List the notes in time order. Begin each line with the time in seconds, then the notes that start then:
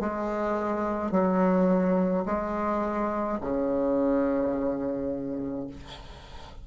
0.00 G#3
1.11 F#3
2.25 G#3
3.41 C#3